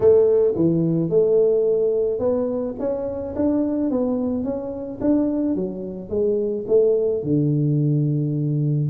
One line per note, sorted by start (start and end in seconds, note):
0.00 0.54 A3
0.55 1.09 E3
1.09 2.19 A3
2.19 2.74 B3
2.79 3.35 C#4
3.35 3.90 D4
3.90 4.43 B3
4.43 4.99 C#4
5.00 5.55 D4
5.55 6.09 F#3
6.09 6.65 G#3
6.67 7.23 A3
7.23 8.89 D3